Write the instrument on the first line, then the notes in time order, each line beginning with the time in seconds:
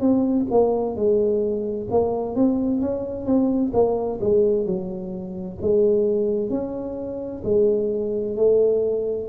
tuba
0.00 C4
0.51 A#3
0.96 G#3
1.90 A#3
2.35 C4
2.81 C#4
3.26 C4
3.73 A#3
4.20 G#3
4.66 F#3
5.61 G#3
6.50 C#4
7.44 G#3
8.36 A3